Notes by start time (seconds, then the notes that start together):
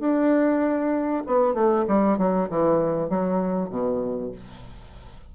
0.00 D4
1.27 B3
1.54 A3
1.88 G3
2.18 F#3
2.50 E3
3.09 F#3
3.70 B2